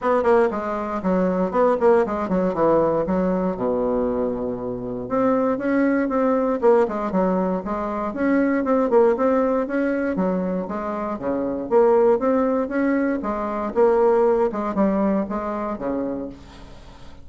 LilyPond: \new Staff \with { instrumentName = "bassoon" } { \time 4/4 \tempo 4 = 118 b8 ais8 gis4 fis4 b8 ais8 | gis8 fis8 e4 fis4 b,4~ | b,2 c'4 cis'4 | c'4 ais8 gis8 fis4 gis4 |
cis'4 c'8 ais8 c'4 cis'4 | fis4 gis4 cis4 ais4 | c'4 cis'4 gis4 ais4~ | ais8 gis8 g4 gis4 cis4 | }